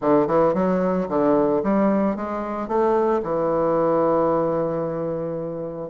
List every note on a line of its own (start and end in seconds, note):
0.01 0.27 D3
0.27 0.54 E3
0.54 1.07 F#3
1.08 1.62 D3
1.63 2.16 G3
2.16 2.67 G#3
2.67 3.21 A3
3.22 5.90 E3